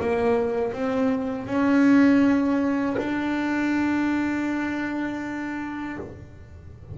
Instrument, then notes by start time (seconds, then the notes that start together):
double bass
0.00 A#3
0.73 C4
1.47 C#4
2.98 D4